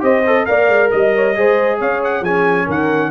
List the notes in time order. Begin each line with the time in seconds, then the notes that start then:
0.00 C4 G4 C5 D#5
0.26 A4
0.45 A#3 A#4 D5 F5
0.68 G#3
0.91 G3 D#5
1.15 C#5
1.35 G#3 G#4 C5
1.79 C#4 C#5 F5
2.04 F#5
2.21 F3 C#4 G#4 G#5
2.66 D#3 A#4 F#5